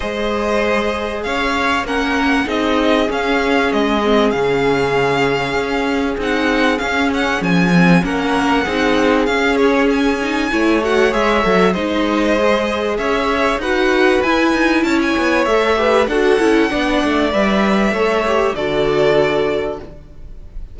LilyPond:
<<
  \new Staff \with { instrumentName = "violin" } { \time 4/4 \tempo 4 = 97 dis''2 f''4 fis''4 | dis''4 f''4 dis''4 f''4~ | f''2 fis''4 f''8 fis''8 | gis''4 fis''2 f''8 cis''8 |
gis''4. fis''8 e''4 dis''4~ | dis''4 e''4 fis''4 gis''4 | a''16 gis''8. e''4 fis''2 | e''2 d''2 | }
  \new Staff \with { instrumentName = "violin" } { \time 4/4 c''2 cis''4 ais'4 | gis'1~ | gis'1~ | gis'4 ais'4 gis'2~ |
gis'4 cis''2 c''4~ | c''4 cis''4 b'2 | cis''4. b'8 a'4 d''4~ | d''4 cis''4 a'2 | }
  \new Staff \with { instrumentName = "viola" } { \time 4/4 gis'2. cis'4 | dis'4 cis'4. c'8 cis'4~ | cis'2 dis'4 cis'4~ | cis'8 c'8 cis'4 dis'4 cis'4~ |
cis'8 dis'8 e'8 fis'8 gis'8 a'8 dis'4 | gis'2 fis'4 e'4~ | e'4 a'8 g'8 fis'8 e'8 d'4 | b'4 a'8 g'8 fis'2 | }
  \new Staff \with { instrumentName = "cello" } { \time 4/4 gis2 cis'4 ais4 | c'4 cis'4 gis4 cis4~ | cis4 cis'4 c'4 cis'4 | f4 ais4 c'4 cis'4~ |
cis'4 a4 gis8 fis8 gis4~ | gis4 cis'4 dis'4 e'8 dis'8 | cis'8 b8 a4 d'8 cis'8 b8 a8 | g4 a4 d2 | }
>>